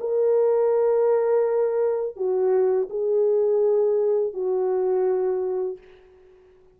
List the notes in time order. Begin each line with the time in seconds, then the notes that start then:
0.00 A#4
2.16 F#4
2.89 G#4
4.33 F#4